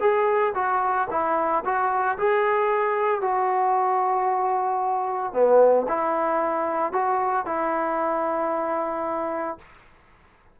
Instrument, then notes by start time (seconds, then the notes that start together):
trombone
0.00 G#4
0.54 F#4
1.10 E4
1.64 F#4
2.18 G#4
3.21 F#4
5.33 B3
5.88 E4
6.92 F#4
7.46 E4